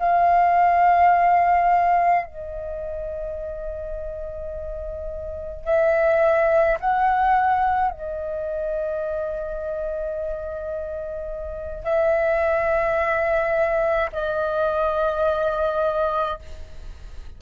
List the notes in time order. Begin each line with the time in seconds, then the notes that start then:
0.00 F5
2.26 D#5
5.65 E5
6.81 F#5
7.91 D#5
11.84 E5
14.13 D#5